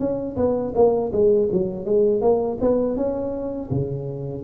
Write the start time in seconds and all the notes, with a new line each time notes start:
0.00 C#4
0.37 B3
0.75 A#3
1.12 G#3
1.52 F#3
1.86 G#3
2.22 A#3
2.61 B3
2.97 C#4
3.71 C#3